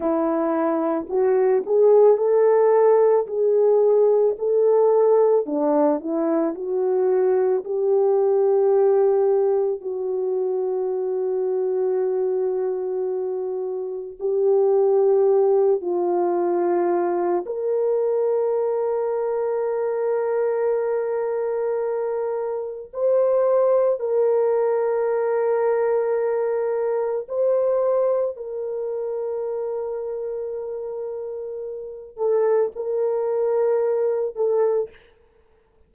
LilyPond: \new Staff \with { instrumentName = "horn" } { \time 4/4 \tempo 4 = 55 e'4 fis'8 gis'8 a'4 gis'4 | a'4 d'8 e'8 fis'4 g'4~ | g'4 fis'2.~ | fis'4 g'4. f'4. |
ais'1~ | ais'4 c''4 ais'2~ | ais'4 c''4 ais'2~ | ais'4. a'8 ais'4. a'8 | }